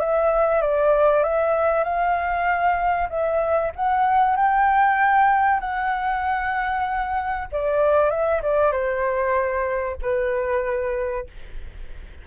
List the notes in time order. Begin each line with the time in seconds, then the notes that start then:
0.00 E5
0.62 D5
1.24 E5
1.84 F5
3.09 E5
3.76 F#5
4.36 G5
5.60 F#5
7.52 D5
8.11 E5
8.42 D5
8.72 C5
10.02 B4